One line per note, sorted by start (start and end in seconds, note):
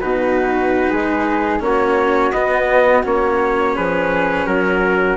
0.00 0.91 B2
0.00 1.60 D#4
0.00 0.90 F#4
0.00 1.61 B4
0.90 1.60 G#3
0.90 1.61 G#4
1.60 2.32 A#3
1.60 2.31 C#4
1.60 3.75 F#4
1.60 2.32 C#5
2.32 3.03 B3
2.32 3.03 D#5
3.03 3.77 A#3
3.03 5.17 C#4
3.03 3.76 C#5
3.75 4.46 F3
3.75 4.46 G#4
3.75 4.46 B4
4.46 5.17 F#3
4.46 5.17 F#4
4.46 5.17 A#4